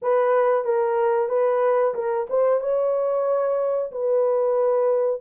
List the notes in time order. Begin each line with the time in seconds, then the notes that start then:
0.01 B4
0.64 A#4
1.28 B4
1.94 A#4
2.29 C5
2.60 C#5
3.91 B4